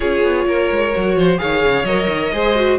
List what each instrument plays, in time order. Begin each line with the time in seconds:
0.00 cello C#4, viola F4, violin G#4 C#5
0.23 cello B3
0.46 cello A#3, violin A#4
0.71 cello G#3
0.94 cello F#3, viola F#4
1.15 cello F3, violin C5
1.37 cello D#3, viola G#4, violin C#5 F5
1.65 cello C#3
1.84 cello F#3, viola A#4, violin D#5
2.08 cello D#3
2.32 cello G#3, viola G#4, violin C5
2.55 viola F#4